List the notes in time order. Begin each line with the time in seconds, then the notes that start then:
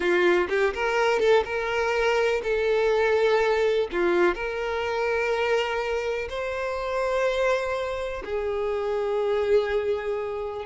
0.00 F4
0.49 G4
0.74 A#4
1.19 A4
1.44 A#4
2.43 A4
3.91 F4
4.34 A#4
6.29 C5
8.25 G#4